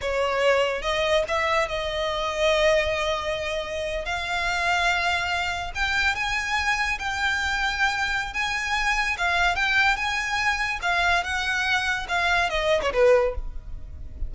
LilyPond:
\new Staff \with { instrumentName = "violin" } { \time 4/4 \tempo 4 = 144 cis''2 dis''4 e''4 | dis''1~ | dis''4.~ dis''16 f''2~ f''16~ | f''4.~ f''16 g''4 gis''4~ gis''16~ |
gis''8. g''2.~ g''16 | gis''2 f''4 g''4 | gis''2 f''4 fis''4~ | fis''4 f''4 dis''8. cis''16 b'4 | }